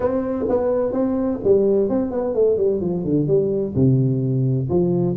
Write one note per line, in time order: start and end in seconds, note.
0.00 0.45 C4
0.49 0.92 B3
0.92 1.39 C4
1.44 1.89 G3
1.89 2.11 C4
2.11 2.34 B3
2.34 2.57 A3
2.57 2.80 G3
2.80 3.04 F3
3.04 3.27 D3
3.27 3.74 G3
3.75 4.69 C3
4.69 5.16 F3